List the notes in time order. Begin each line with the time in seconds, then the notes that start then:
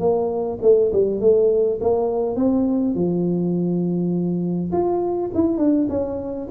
0.00 A#3
0.63 A3
0.93 G3
1.21 A3
1.81 A#3
2.36 C4
2.95 F3
4.72 F4
5.35 E4
5.58 D4
5.90 C#4